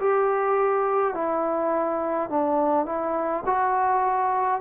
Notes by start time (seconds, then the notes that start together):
0.00 G4
1.14 E4
2.30 D4
2.86 E4
3.46 F#4